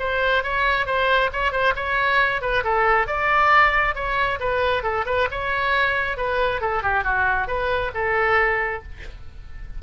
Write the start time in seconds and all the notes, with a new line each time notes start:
0.00 C5
0.44 C#5
0.87 C5
1.33 C#5
1.52 C5
1.76 C#5
2.42 B4
2.64 A4
3.08 D5
3.95 C#5
4.40 B4
4.83 A4
5.06 B4
5.31 C#5
6.17 B4
6.62 A4
6.83 G4
7.04 F#4
7.48 B4
7.95 A4